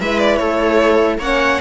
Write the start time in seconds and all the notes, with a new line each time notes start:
0.00 G#3 E4 B4 E5
0.19 D5
0.36 A3 A4 C#5
1.18 A#3 C#4 C#5 F#5